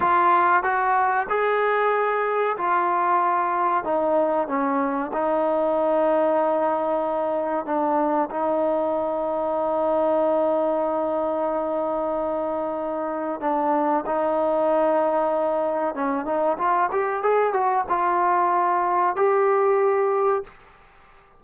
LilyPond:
\new Staff \with { instrumentName = "trombone" } { \time 4/4 \tempo 4 = 94 f'4 fis'4 gis'2 | f'2 dis'4 cis'4 | dis'1 | d'4 dis'2.~ |
dis'1~ | dis'4 d'4 dis'2~ | dis'4 cis'8 dis'8 f'8 g'8 gis'8 fis'8 | f'2 g'2 | }